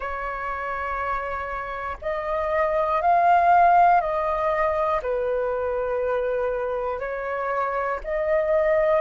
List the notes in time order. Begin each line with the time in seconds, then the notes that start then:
0.00 C#5
2.01 D#5
3.01 F5
4.00 D#5
5.02 B4
6.99 C#5
8.04 D#5